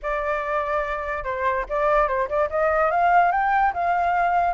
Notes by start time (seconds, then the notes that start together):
0.02 D5
1.24 C5
1.69 D5
2.07 C5
2.28 D5
2.50 D#5
2.90 F5
3.31 G5
3.73 F5